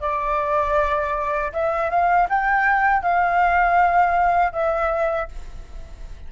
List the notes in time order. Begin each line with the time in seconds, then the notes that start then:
0.00 D5
1.53 E5
1.90 F5
2.29 G5
3.02 F5
4.52 E5